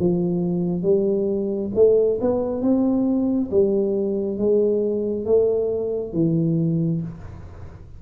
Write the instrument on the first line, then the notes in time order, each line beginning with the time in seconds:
tuba
0.00 F3
0.83 G3
1.76 A3
2.21 B3
2.62 C4
3.52 G3
4.38 G#3
5.26 A3
6.14 E3